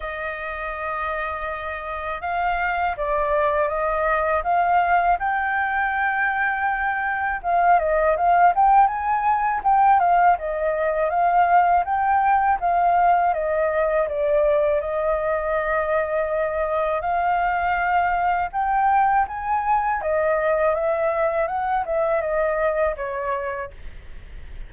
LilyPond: \new Staff \with { instrumentName = "flute" } { \time 4/4 \tempo 4 = 81 dis''2. f''4 | d''4 dis''4 f''4 g''4~ | g''2 f''8 dis''8 f''8 g''8 | gis''4 g''8 f''8 dis''4 f''4 |
g''4 f''4 dis''4 d''4 | dis''2. f''4~ | f''4 g''4 gis''4 dis''4 | e''4 fis''8 e''8 dis''4 cis''4 | }